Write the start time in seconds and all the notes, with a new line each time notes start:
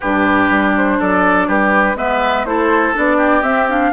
0.00 G2 D4 G4 B4
0.50 G3
0.76 C5
0.99 F#3 A4 D5
1.47 G3 G4 B4
1.95 G#3 B3 B4 E5
2.44 A3 E4 A4 C5
2.94 B3 D4 D5
3.17 G4
3.42 C4 E5
3.69 D4 F5